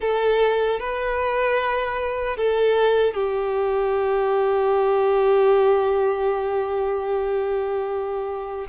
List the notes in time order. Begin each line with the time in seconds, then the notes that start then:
0.00 A4
0.79 B4
2.36 A4
3.14 G4